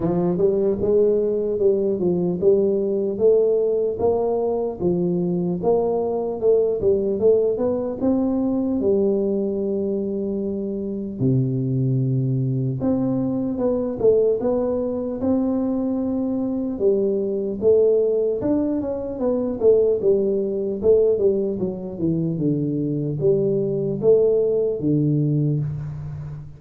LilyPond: \new Staff \with { instrumentName = "tuba" } { \time 4/4 \tempo 4 = 75 f8 g8 gis4 g8 f8 g4 | a4 ais4 f4 ais4 | a8 g8 a8 b8 c'4 g4~ | g2 c2 |
c'4 b8 a8 b4 c'4~ | c'4 g4 a4 d'8 cis'8 | b8 a8 g4 a8 g8 fis8 e8 | d4 g4 a4 d4 | }